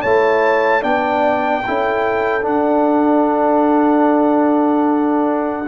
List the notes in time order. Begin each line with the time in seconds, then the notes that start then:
0.00 A3 E4 C#5 A5
0.81 B3 D4 D5 G5
1.67 C#4 E4 A4
2.41 D4 F#5